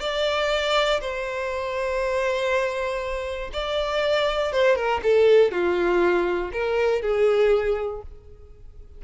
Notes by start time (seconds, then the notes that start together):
0.00 D5
1.00 C5
3.53 D5
4.52 C5
4.75 A#4
5.02 A4
5.51 F4
6.52 A#4
7.02 G#4